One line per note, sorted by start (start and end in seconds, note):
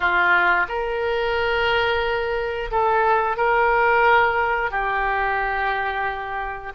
0.00 0.66 F4
0.68 2.70 A#4
2.71 3.36 A4
3.36 4.70 A#4
4.70 6.72 G4